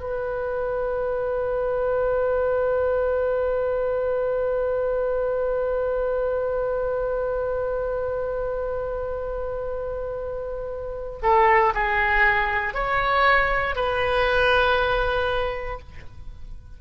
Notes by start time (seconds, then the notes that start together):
0.00 B4
11.22 A4
11.74 G#4
12.74 C#5
13.76 B4